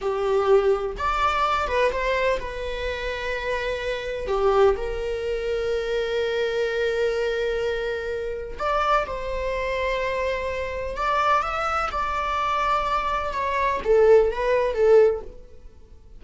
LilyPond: \new Staff \with { instrumentName = "viola" } { \time 4/4 \tempo 4 = 126 g'2 d''4. b'8 | c''4 b'2.~ | b'4 g'4 ais'2~ | ais'1~ |
ais'2 d''4 c''4~ | c''2. d''4 | e''4 d''2. | cis''4 a'4 b'4 a'4 | }